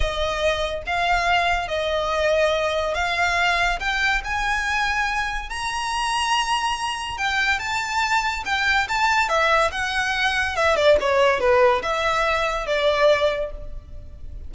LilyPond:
\new Staff \with { instrumentName = "violin" } { \time 4/4 \tempo 4 = 142 dis''2 f''2 | dis''2. f''4~ | f''4 g''4 gis''2~ | gis''4 ais''2.~ |
ais''4 g''4 a''2 | g''4 a''4 e''4 fis''4~ | fis''4 e''8 d''8 cis''4 b'4 | e''2 d''2 | }